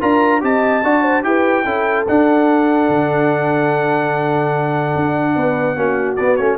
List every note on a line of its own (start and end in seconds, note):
0.00 0.42 D4
0.00 0.41 F4
0.00 0.41 A#4
0.00 0.42 A#5
0.41 0.83 C4
0.41 0.82 G4
0.41 0.84 D#5
0.41 1.23 A5
0.83 1.24 D4
0.83 1.23 F#4
0.83 1.02 D5
1.02 1.23 C5
1.23 1.65 E4
1.23 1.64 G4
1.23 1.64 B4
1.23 2.05 G5
1.64 2.06 C#4
1.64 2.06 E4
1.64 5.34 A4
2.07 5.76 D4
2.07 2.89 D4
2.07 6.16 F#5
2.89 4.94 D3
4.95 5.36 D4
5.35 5.75 B3
5.35 5.76 B4
5.75 6.17 A#3
5.75 6.17 C#4
5.75 6.58 F#4
6.16 6.38 B3
6.16 6.36 D5
6.36 6.58 A3
6.36 6.58 C#4
6.36 6.57 C#5